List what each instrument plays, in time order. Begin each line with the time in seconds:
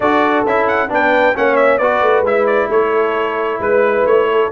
0.00 tuba D4, trombone F#4, horn A4, trumpet D5
0.46 tuba C#4, trombone E4, trumpet E5
0.67 trumpet F#5
0.88 tuba B3, trombone D4, horn B4, trumpet G5
1.34 tuba A#3, trombone C#4, horn C#5, trumpet F#5
1.55 trumpet E5
1.78 tuba B3, trombone F#4, horn B4, trumpet D5
2.01 tuba A3
2.21 tuba G#3, trombone E4, trumpet E5
2.46 trumpet D5
2.69 tuba A3, horn A4, trumpet C#5
3.59 tuba G#3, horn B4, trumpet B4
4.05 tuba A3, trumpet C#5
4.31 horn A4